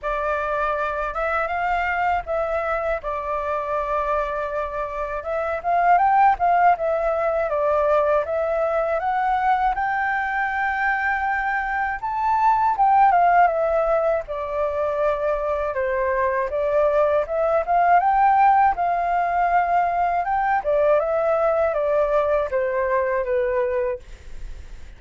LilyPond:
\new Staff \with { instrumentName = "flute" } { \time 4/4 \tempo 4 = 80 d''4. e''8 f''4 e''4 | d''2. e''8 f''8 | g''8 f''8 e''4 d''4 e''4 | fis''4 g''2. |
a''4 g''8 f''8 e''4 d''4~ | d''4 c''4 d''4 e''8 f''8 | g''4 f''2 g''8 d''8 | e''4 d''4 c''4 b'4 | }